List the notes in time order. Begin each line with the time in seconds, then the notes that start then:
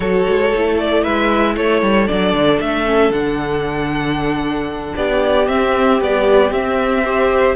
0.00 F#3 F#4 A4 C#5
0.27 G#3
0.55 A3 E4
0.78 D5
1.03 G#3 B4 E5
1.56 A3 A4 C#5
1.82 G3
2.07 F#3 D4 D5
2.33 D3
2.60 A3 E5
2.85 C#4
3.10 D3 D4 F#5
4.96 B3 G4 D5
5.47 C4 E5
6.00 G3 B3 D5
6.51 C4 E5
7.03 G4 C5